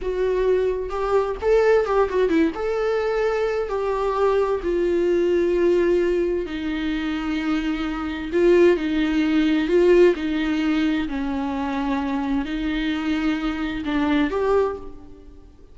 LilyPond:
\new Staff \with { instrumentName = "viola" } { \time 4/4 \tempo 4 = 130 fis'2 g'4 a'4 | g'8 fis'8 e'8 a'2~ a'8 | g'2 f'2~ | f'2 dis'2~ |
dis'2 f'4 dis'4~ | dis'4 f'4 dis'2 | cis'2. dis'4~ | dis'2 d'4 g'4 | }